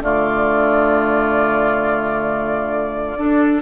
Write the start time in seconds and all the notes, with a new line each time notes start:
0.00 D3 A3 F4 D5
3.17 D4 A4